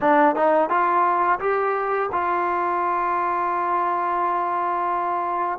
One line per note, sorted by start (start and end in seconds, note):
0.00 0.35 D4
0.35 0.69 D#4
0.69 1.39 F4
1.40 2.09 G4
2.12 5.59 F4